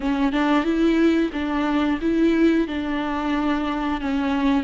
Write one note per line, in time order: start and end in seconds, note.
0.00 0.32 C#4
0.32 0.63 D4
0.63 1.30 E4
1.32 1.99 D4
2.01 2.67 E4
2.67 4.01 D4
4.01 4.63 C#4